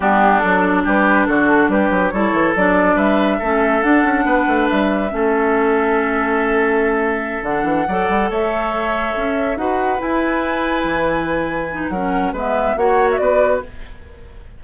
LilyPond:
<<
  \new Staff \with { instrumentName = "flute" } { \time 4/4 \tempo 4 = 141 g'4 a'4 b'4 a'4 | b'4 cis''4 d''4 e''4~ | e''4 fis''2 e''4~ | e''1~ |
e''4. fis''2 e''8~ | e''2~ e''8 fis''4 gis''8~ | gis''1 | fis''4 e''4 fis''8. e''16 d''4 | }
  \new Staff \with { instrumentName = "oboe" } { \time 4/4 d'2 g'4 fis'4 | g'4 a'2 b'4 | a'2 b'2 | a'1~ |
a'2~ a'8 d''4 cis''8~ | cis''2~ cis''8 b'4.~ | b'1 | ais'4 b'4 cis''4 b'4 | }
  \new Staff \with { instrumentName = "clarinet" } { \time 4/4 b4 d'2.~ | d'4 e'4 d'2 | cis'4 d'2. | cis'1~ |
cis'4. d'4 a'4.~ | a'2~ a'8 fis'4 e'8~ | e'2.~ e'8 dis'8 | cis'4 b4 fis'2 | }
  \new Staff \with { instrumentName = "bassoon" } { \time 4/4 g4 fis4 g4 d4 | g8 fis8 g8 e8 fis4 g4 | a4 d'8 cis'8 b8 a8 g4 | a1~ |
a4. d8 e8 fis8 g8 a8~ | a4. cis'4 dis'4 e'8~ | e'4. e2~ e8 | fis4 gis4 ais4 b4 | }
>>